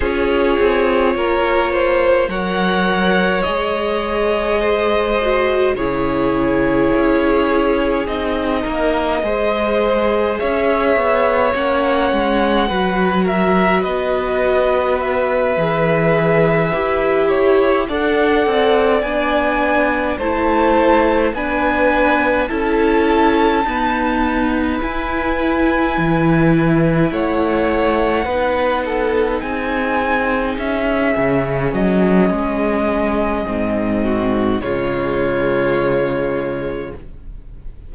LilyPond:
<<
  \new Staff \with { instrumentName = "violin" } { \time 4/4 \tempo 4 = 52 cis''2 fis''4 dis''4~ | dis''4 cis''2 dis''4~ | dis''4 e''4 fis''4. e''8 | dis''4 e''2~ e''8 fis''8~ |
fis''8 gis''4 a''4 gis''4 a''8~ | a''4. gis''2 fis''8~ | fis''4. gis''4 e''4 dis''8~ | dis''2 cis''2 | }
  \new Staff \with { instrumentName = "violin" } { \time 4/4 gis'4 ais'8 c''8 cis''2 | c''4 gis'2~ gis'8 ais'8 | c''4 cis''2 b'8 ais'8 | b'2. cis''8 d''8~ |
d''4. c''4 b'4 a'8~ | a'8 b'2. cis''8~ | cis''8 b'8 a'8 gis'2~ gis'8~ | gis'4. fis'8 f'2 | }
  \new Staff \with { instrumentName = "viola" } { \time 4/4 f'2 ais'4 gis'4~ | gis'8 fis'8 e'2 dis'4 | gis'2 cis'4 fis'4~ | fis'4. gis'4 g'4 a'8~ |
a'8 d'4 e'4 d'4 e'8~ | e'8 b4 e'2~ e'8~ | e'8 dis'2~ dis'8 cis'4~ | cis'4 c'4 gis2 | }
  \new Staff \with { instrumentName = "cello" } { \time 4/4 cis'8 c'8 ais4 fis4 gis4~ | gis4 cis4 cis'4 c'8 ais8 | gis4 cis'8 b8 ais8 gis8 fis4 | b4. e4 e'4 d'8 |
c'8 b4 a4 b4 cis'8~ | cis'8 dis'4 e'4 e4 a8~ | a8 b4 c'4 cis'8 cis8 fis8 | gis4 gis,4 cis2 | }
>>